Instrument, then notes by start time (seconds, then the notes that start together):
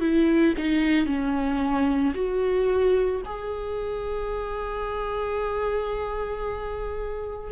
viola
0.00 E4
0.57 D#4
1.06 C#4
2.14 F#4
3.25 G#4